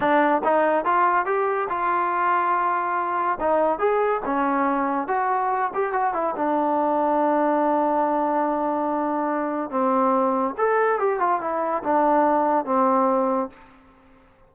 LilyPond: \new Staff \with { instrumentName = "trombone" } { \time 4/4 \tempo 4 = 142 d'4 dis'4 f'4 g'4 | f'1 | dis'4 gis'4 cis'2 | fis'4. g'8 fis'8 e'8 d'4~ |
d'1~ | d'2. c'4~ | c'4 a'4 g'8 f'8 e'4 | d'2 c'2 | }